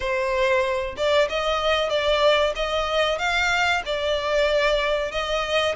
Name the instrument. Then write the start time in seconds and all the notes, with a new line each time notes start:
violin
0.00 C5
0.96 D5
1.29 D#5
1.89 D5
2.55 D#5
3.18 F5
3.85 D5
5.11 D#5